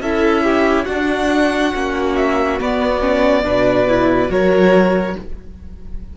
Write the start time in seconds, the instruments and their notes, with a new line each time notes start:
0.00 cello C#4, viola E4, violin A4 E5
0.44 violin G4
0.84 viola D4, cello D4, violin F#4 F#5
1.74 cello A#3, viola C#4
2.16 violin E5
2.59 viola B3, cello B3, violin D5
3.00 viola C#4
3.44 cello B2, viola D4, violin B4
3.87 viola E4
4.28 cello F#3, viola F#4, violin A#4 C#5